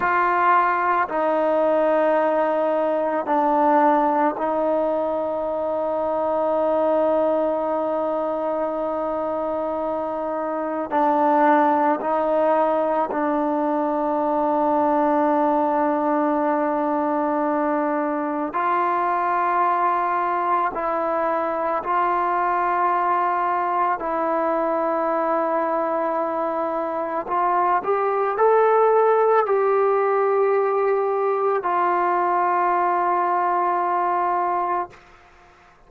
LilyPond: \new Staff \with { instrumentName = "trombone" } { \time 4/4 \tempo 4 = 55 f'4 dis'2 d'4 | dis'1~ | dis'2 d'4 dis'4 | d'1~ |
d'4 f'2 e'4 | f'2 e'2~ | e'4 f'8 g'8 a'4 g'4~ | g'4 f'2. | }